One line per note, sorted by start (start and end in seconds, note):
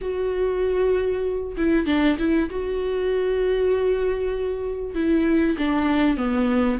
0.01 1.55 F#4
1.57 1.86 E4
1.86 2.16 D4
2.18 2.49 E4
2.49 4.95 F#4
4.95 5.56 E4
5.58 6.17 D4
6.17 6.78 B3